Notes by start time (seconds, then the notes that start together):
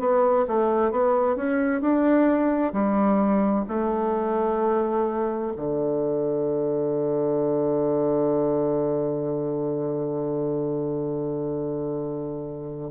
0.00 B3
0.48 A3
0.91 B3
1.36 C#4
1.81 D4
2.73 G3
3.68 A3
5.57 D3